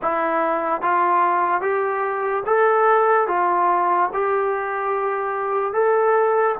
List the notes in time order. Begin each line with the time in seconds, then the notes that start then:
0.02 E4
0.81 F4
1.61 G4
2.46 A4
3.27 F4
4.13 G4
5.73 A4